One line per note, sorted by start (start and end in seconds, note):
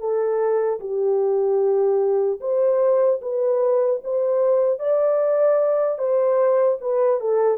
0.00 0.80 A4
0.80 2.40 G4
2.41 3.21 C5
3.22 4.02 B4
4.04 4.79 C5
4.79 5.99 D5
5.99 6.79 C5
6.81 7.21 B4
7.21 7.58 A4